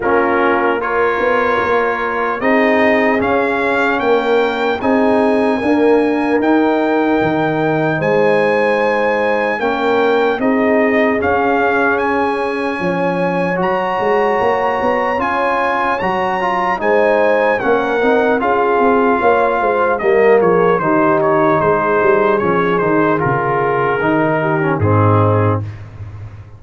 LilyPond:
<<
  \new Staff \with { instrumentName = "trumpet" } { \time 4/4 \tempo 4 = 75 ais'4 cis''2 dis''4 | f''4 g''4 gis''2 | g''2 gis''2 | g''4 dis''4 f''4 gis''4~ |
gis''4 ais''2 gis''4 | ais''4 gis''4 fis''4 f''4~ | f''4 dis''8 cis''8 c''8 cis''8 c''4 | cis''8 c''8 ais'2 gis'4 | }
  \new Staff \with { instrumentName = "horn" } { \time 4/4 f'4 ais'2 gis'4~ | gis'4 ais'4 gis'4 ais'4~ | ais'2 c''2 | ais'4 gis'2. |
cis''1~ | cis''4 c''4 ais'4 gis'4 | cis''8 c''8 ais'8 gis'8 g'4 gis'4~ | gis'2~ gis'8 g'8 dis'4 | }
  \new Staff \with { instrumentName = "trombone" } { \time 4/4 cis'4 f'2 dis'4 | cis'2 dis'4 ais4 | dis'1 | cis'4 dis'4 cis'2~ |
cis'4 fis'2 f'4 | fis'8 f'8 dis'4 cis'8 dis'8 f'4~ | f'4 ais4 dis'2 | cis'8 dis'8 f'4 dis'8. cis'16 c'4 | }
  \new Staff \with { instrumentName = "tuba" } { \time 4/4 ais4. b8 ais4 c'4 | cis'4 ais4 c'4 d'4 | dis'4 dis4 gis2 | ais4 c'4 cis'2 |
f4 fis8 gis8 ais8 b8 cis'4 | fis4 gis4 ais8 c'8 cis'8 c'8 | ais8 gis8 g8 f8 dis4 gis8 g8 | f8 dis8 cis4 dis4 gis,4 | }
>>